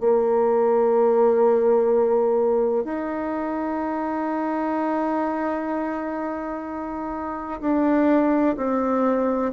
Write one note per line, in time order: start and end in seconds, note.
0.00 2.84 A#3
2.84 7.61 D#4
7.61 8.56 D4
8.57 9.52 C4